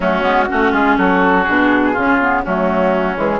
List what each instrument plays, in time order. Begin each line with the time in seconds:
0.00 bassoon F#3, clarinet A3, oboe C#4, flute F#4
0.22 bassoon G#3, clarinet B3
0.48 bassoon A3, clarinet C#4, oboe F#4
0.71 bassoon G#3, oboe F4, flute G#4
0.97 bassoon F#3, oboe F#4, flute A4
1.43 bassoon B2, clarinet D4, flute G#4
1.92 bassoon C#3, clarinet C#4, oboe F4
2.21 clarinet B3
2.43 bassoon F#3, clarinet A3, oboe C#4, flute F#4
3.15 bassoon E3, clarinet G#3, flute G#4